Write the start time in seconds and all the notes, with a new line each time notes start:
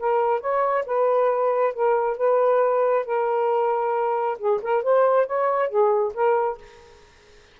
0.00 A#4
0.41 C#5
0.86 B4
1.74 A#4
2.17 B4
3.06 A#4
4.39 G#4
4.62 A#4
4.83 C5
5.26 C#5
5.69 G#4
6.14 A#4